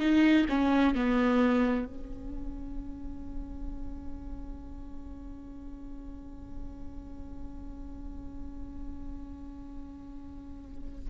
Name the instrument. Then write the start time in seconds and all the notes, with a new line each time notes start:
viola
0.00 D#4
0.50 C#4
0.95 B3
1.86 C#4